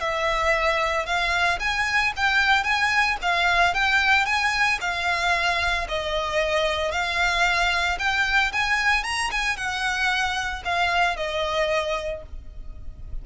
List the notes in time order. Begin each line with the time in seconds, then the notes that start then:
0.00 E5
1.06 F5
1.60 G#5
2.16 G5
2.64 G#5
3.22 F5
3.74 G5
4.26 G#5
4.81 F5
5.88 D#5
6.92 F5
7.99 G5
8.52 G#5
9.04 A#5
9.31 G#5
9.56 F#5
10.65 F5
11.16 D#5